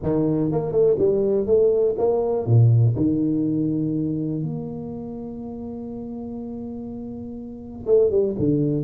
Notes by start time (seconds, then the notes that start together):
0.02 D#3
0.51 A#3
0.72 A3
0.99 G3
1.46 A3
1.98 A#3
2.46 A#2
2.96 D#3
4.42 A#3
7.86 A3
8.10 G3
8.38 D3